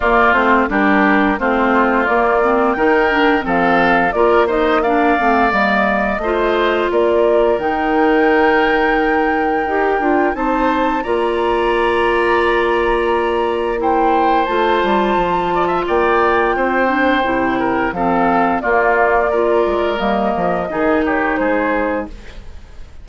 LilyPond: <<
  \new Staff \with { instrumentName = "flute" } { \time 4/4 \tempo 4 = 87 d''8 c''8 ais'4 c''4 d''4 | g''4 f''4 d''8 dis''8 f''4 | dis''2 d''4 g''4~ | g''2. a''4 |
ais''1 | g''4 a''2 g''4~ | g''2 f''4 d''4~ | d''4 dis''4. cis''8 c''4 | }
  \new Staff \with { instrumentName = "oboe" } { \time 4/4 f'4 g'4 f'2 | ais'4 a'4 ais'8 c''8 d''4~ | d''4 c''4 ais'2~ | ais'2. c''4 |
d''1 | c''2~ c''8 d''16 e''16 d''4 | c''4. ais'8 a'4 f'4 | ais'2 gis'8 g'8 gis'4 | }
  \new Staff \with { instrumentName = "clarinet" } { \time 4/4 ais8 c'8 d'4 c'4 ais8 c'8 | dis'8 d'8 c'4 f'8 dis'8 d'8 c'8 | ais4 f'2 dis'4~ | dis'2 g'8 f'8 dis'4 |
f'1 | e'4 f'2.~ | f'8 d'8 e'4 c'4 ais4 | f'4 ais4 dis'2 | }
  \new Staff \with { instrumentName = "bassoon" } { \time 4/4 ais8 a8 g4 a4 ais4 | dis4 f4 ais4. a8 | g4 a4 ais4 dis4~ | dis2 dis'8 d'8 c'4 |
ais1~ | ais4 a8 g8 f4 ais4 | c'4 c4 f4 ais4~ | ais8 gis8 g8 f8 dis4 gis4 | }
>>